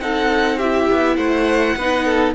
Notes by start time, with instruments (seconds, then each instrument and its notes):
0.00 cello C4, viola D#4, violin A4 F#5
0.57 viola E4, violin G4 E5
0.91 cello B3
1.17 cello A3, violin C5 F#5
1.76 cello B3, viola D#4, violin B4
2.05 violin A4